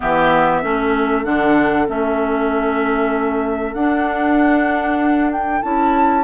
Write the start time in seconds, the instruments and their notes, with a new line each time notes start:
0.00 bassoon E3, clarinet B3, oboe G4, flute E5
0.61 bassoon A3, clarinet C#4, oboe A4
1.24 bassoon D3, clarinet D4, flute F#5
1.87 bassoon A3, clarinet C#4, flute E5
3.73 bassoon D4, clarinet D4, flute F#5
5.31 flute G5
5.62 bassoon C#4, clarinet E4, flute A5